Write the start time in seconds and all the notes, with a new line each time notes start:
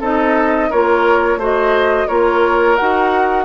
0.00 C4 D#4 A4 D#5
0.70 A#3 F4 A#4 C#5
1.36 A3 F#4 C5
1.43 D#5
2.07 A#3 F4 A#4 C#5
2.76 D#4 F#4 F#5